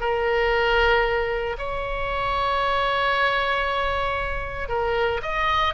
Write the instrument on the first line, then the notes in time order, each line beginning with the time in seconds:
oboe
0.00 A#4
1.58 C#5
4.68 A#4
5.22 D#5